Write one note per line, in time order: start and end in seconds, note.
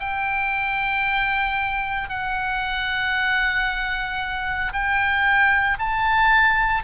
0.00 2.10 G5
2.10 4.73 F#5
4.73 5.78 G5
5.79 6.84 A5